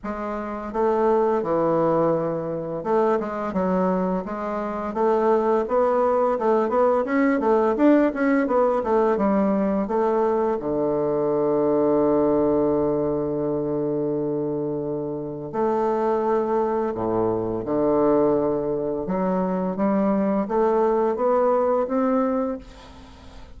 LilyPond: \new Staff \with { instrumentName = "bassoon" } { \time 4/4 \tempo 4 = 85 gis4 a4 e2 | a8 gis8 fis4 gis4 a4 | b4 a8 b8 cis'8 a8 d'8 cis'8 | b8 a8 g4 a4 d4~ |
d1~ | d2 a2 | a,4 d2 fis4 | g4 a4 b4 c'4 | }